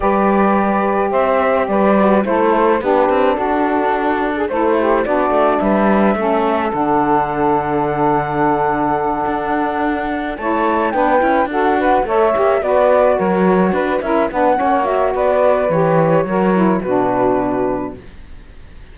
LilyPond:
<<
  \new Staff \with { instrumentName = "flute" } { \time 4/4 \tempo 4 = 107 d''2 e''4 d''4 | c''4 b'4 a'2 | c''4 d''4 e''2 | fis''1~ |
fis''2~ fis''8 a''4 g''8~ | g''8 fis''4 e''4 d''4 cis''8~ | cis''8 b'8 e''8 fis''4 e''8 d''4 | cis''2 b'2 | }
  \new Staff \with { instrumentName = "saxophone" } { \time 4/4 b'2 c''4 b'4 | a'4 g'4 fis'4.~ fis'16 gis'16 | a'8 g'8 fis'4 b'4 a'4~ | a'1~ |
a'2~ a'8 cis''4 b'8~ | b'8 a'8 b'8 cis''4 b'4 ais'8~ | ais'8 b'8 ais'8 b'8 cis''4 b'4~ | b'4 ais'4 fis'2 | }
  \new Staff \with { instrumentName = "saxophone" } { \time 4/4 g'2.~ g'8 fis'8 | e'4 d'2. | e'4 d'2 cis'4 | d'1~ |
d'2~ d'8 e'4 d'8 | e'8 fis'4 a'8 g'8 fis'4.~ | fis'4 e'8 d'8 cis'8 fis'4. | g'4 fis'8 e'8 d'2 | }
  \new Staff \with { instrumentName = "cello" } { \time 4/4 g2 c'4 g4 | a4 b8 c'8 d'2 | a4 b8 a8 g4 a4 | d1~ |
d8 d'2 a4 b8 | cis'8 d'4 a8 ais8 b4 fis8~ | fis8 d'8 cis'8 b8 ais4 b4 | e4 fis4 b,2 | }
>>